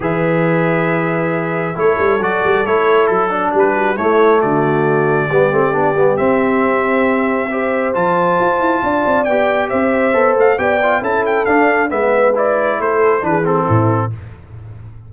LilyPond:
<<
  \new Staff \with { instrumentName = "trumpet" } { \time 4/4 \tempo 4 = 136 e''1 | cis''4 d''4 cis''4 a'4 | b'4 cis''4 d''2~ | d''2 e''2~ |
e''2 a''2~ | a''4 g''4 e''4. f''8 | g''4 a''8 g''8 f''4 e''4 | d''4 c''4 b'8 a'4. | }
  \new Staff \with { instrumentName = "horn" } { \time 4/4 b'1 | a'1 | g'8 fis'8 e'4 fis'2 | g'1~ |
g'4 c''2. | d''2 c''2 | d''4 a'2 b'4~ | b'4 a'4 gis'4 e'4 | }
  \new Staff \with { instrumentName = "trombone" } { \time 4/4 gis'1 | e'4 fis'4 e'4. d'8~ | d'4 a2. | b8 c'8 d'8 b8 c'2~ |
c'4 g'4 f'2~ | f'4 g'2 a'4 | g'8 f'8 e'4 d'4 b4 | e'2 d'8 c'4. | }
  \new Staff \with { instrumentName = "tuba" } { \time 4/4 e1 | a8 g8 fis8 g8 a4 fis4 | g4 a4 d2 | g8 a8 b8 g8 c'2~ |
c'2 f4 f'8 e'8 | d'8 c'8 b4 c'4 b8 a8 | b4 cis'4 d'4 gis4~ | gis4 a4 e4 a,4 | }
>>